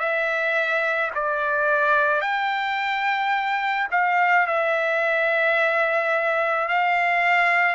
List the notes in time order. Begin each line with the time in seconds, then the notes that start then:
0.00 E5
1.15 D5
2.22 G5
3.92 F5
4.47 E5
6.69 F5